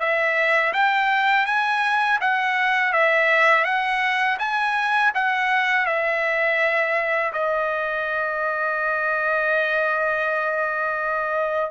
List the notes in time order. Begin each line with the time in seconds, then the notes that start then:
0.00 E5
0.74 G5
1.46 G#5
2.21 F#5
2.93 E5
3.65 F#5
4.39 G#5
5.15 F#5
5.86 E5
7.33 D#5